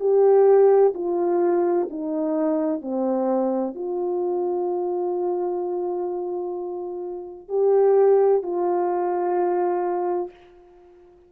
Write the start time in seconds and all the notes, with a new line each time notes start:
0.00 G4
0.95 F4
1.90 D#4
2.82 C4
3.75 F4
7.49 G4
8.43 F4